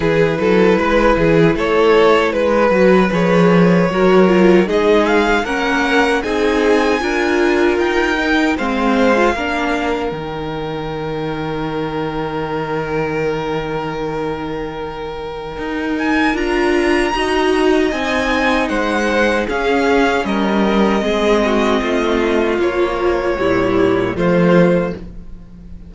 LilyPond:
<<
  \new Staff \with { instrumentName = "violin" } { \time 4/4 \tempo 4 = 77 b'2 cis''4 b'4 | cis''2 dis''8 f''8 fis''4 | gis''2 g''4 f''4~ | f''4 g''2.~ |
g''1~ | g''8 gis''8 ais''2 gis''4 | fis''4 f''4 dis''2~ | dis''4 cis''2 c''4 | }
  \new Staff \with { instrumentName = "violin" } { \time 4/4 gis'8 a'8 b'8 gis'8 a'4 b'4~ | b'4 ais'4 gis'4 ais'4 | gis'4 ais'2 c''4 | ais'1~ |
ais'1~ | ais'2 dis''2 | c''4 gis'4 ais'4 gis'8 fis'8 | f'2 e'4 f'4 | }
  \new Staff \with { instrumentName = "viola" } { \time 4/4 e'2.~ e'8 fis'8 | gis'4 fis'8 f'8 dis'4 cis'4 | dis'4 f'4. dis'8 c'8. f'16 | d'4 dis'2.~ |
dis'1~ | dis'4 f'4 fis'4 dis'4~ | dis'4 cis'2 c'4~ | c'4 f4 g4 a4 | }
  \new Staff \with { instrumentName = "cello" } { \time 4/4 e8 fis8 gis8 e8 a4 gis8 fis8 | f4 fis4 gis4 ais4 | c'4 d'4 dis'4 gis4 | ais4 dis2.~ |
dis1 | dis'4 d'4 dis'4 c'4 | gis4 cis'4 g4 gis4 | a4 ais4 ais,4 f4 | }
>>